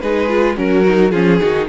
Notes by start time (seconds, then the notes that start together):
0.00 G#3 D#4 G#4 B4
0.28 F4
0.57 F#3 C#4 F#4 A#4
0.86 D#4
1.11 F3 C#4 F4 G#4
1.40 D#3 D#4 F#4